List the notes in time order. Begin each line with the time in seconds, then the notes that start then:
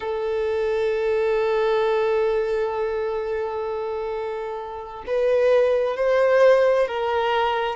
0.00 A4
5.07 B4
5.96 C5
6.87 A#4